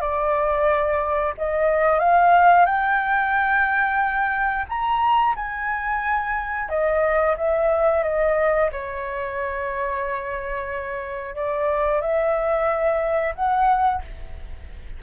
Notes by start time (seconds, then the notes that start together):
0.00 D5
1.38 D#5
1.99 F5
2.65 G5
4.68 A#5
5.35 G#5
6.69 D#5
7.37 E5
8.03 D#5
8.72 C#5
11.35 D5
12.01 E5
13.35 F#5